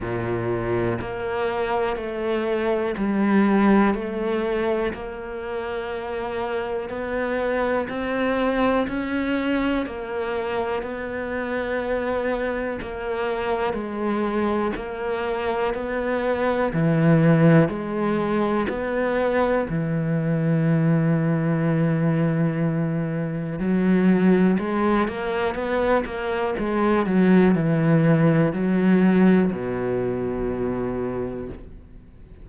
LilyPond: \new Staff \with { instrumentName = "cello" } { \time 4/4 \tempo 4 = 61 ais,4 ais4 a4 g4 | a4 ais2 b4 | c'4 cis'4 ais4 b4~ | b4 ais4 gis4 ais4 |
b4 e4 gis4 b4 | e1 | fis4 gis8 ais8 b8 ais8 gis8 fis8 | e4 fis4 b,2 | }